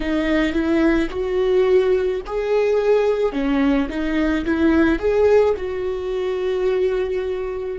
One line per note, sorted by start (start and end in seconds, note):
0.00 0.53 D#4
0.53 1.08 E4
1.10 2.21 F#4
2.26 3.32 G#4
3.32 3.87 C#4
3.89 4.44 D#4
4.44 4.98 E4
4.98 5.54 G#4
5.56 7.78 F#4